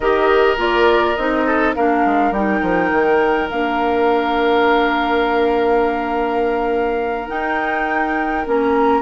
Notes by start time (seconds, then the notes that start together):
0.00 D#3 G4 A#4 D#5
0.57 A#3 F4 D5
1.15 C4 D#4 D#5
1.46 A4
1.75 A#3 D4 A#4 F5
2.05 G#3
2.31 G3 D#4 G5
2.62 F3
2.91 D#3
3.50 A#3 D4 F5
7.28 D#4 G5
8.45 A#3 C#4 A#5